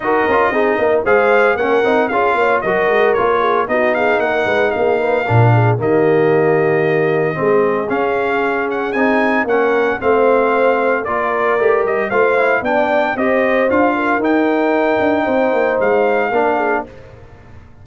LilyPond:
<<
  \new Staff \with { instrumentName = "trumpet" } { \time 4/4 \tempo 4 = 114 dis''2 f''4 fis''4 | f''4 dis''4 cis''4 dis''8 f''8 | fis''4 f''2 dis''4~ | dis''2. f''4~ |
f''8 fis''8 gis''4 fis''4 f''4~ | f''4 d''4. dis''8 f''4 | g''4 dis''4 f''4 g''4~ | g''2 f''2 | }
  \new Staff \with { instrumentName = "horn" } { \time 4/4 ais'4 gis'8 ais'8 c''4 ais'4 | gis'8 cis''8 ais'4. gis'8 fis'8 gis'8 | ais'8 b'8 gis'8 b'8 ais'8 gis'8 g'4~ | g'2 gis'2~ |
gis'2 ais'4 c''4~ | c''4 ais'2 c''4 | d''4 c''4. ais'4.~ | ais'4 c''2 ais'8 gis'8 | }
  \new Staff \with { instrumentName = "trombone" } { \time 4/4 fis'8 f'8 dis'4 gis'4 cis'8 dis'8 | f'4 fis'4 f'4 dis'4~ | dis'2 d'4 ais4~ | ais2 c'4 cis'4~ |
cis'4 dis'4 cis'4 c'4~ | c'4 f'4 g'4 f'8 e'8 | d'4 g'4 f'4 dis'4~ | dis'2. d'4 | }
  \new Staff \with { instrumentName = "tuba" } { \time 4/4 dis'8 cis'8 c'8 ais8 gis4 ais8 c'8 | cis'8 ais8 fis8 gis8 ais4 b4 | ais8 gis8 ais4 ais,4 dis4~ | dis2 gis4 cis'4~ |
cis'4 c'4 ais4 a4~ | a4 ais4 a8 g8 a4 | b4 c'4 d'4 dis'4~ | dis'8 d'8 c'8 ais8 gis4 ais4 | }
>>